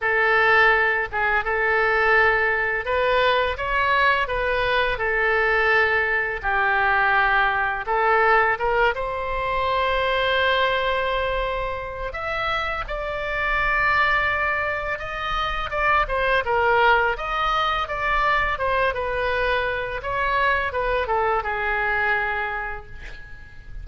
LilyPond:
\new Staff \with { instrumentName = "oboe" } { \time 4/4 \tempo 4 = 84 a'4. gis'8 a'2 | b'4 cis''4 b'4 a'4~ | a'4 g'2 a'4 | ais'8 c''2.~ c''8~ |
c''4 e''4 d''2~ | d''4 dis''4 d''8 c''8 ais'4 | dis''4 d''4 c''8 b'4. | cis''4 b'8 a'8 gis'2 | }